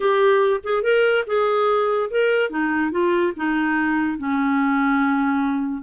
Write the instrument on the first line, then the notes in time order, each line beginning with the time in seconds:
clarinet
0.00 G4
0.63 G#4
0.83 A#4
1.26 G#4
2.10 A#4
2.49 D#4
2.91 F4
3.36 D#4
4.18 C#4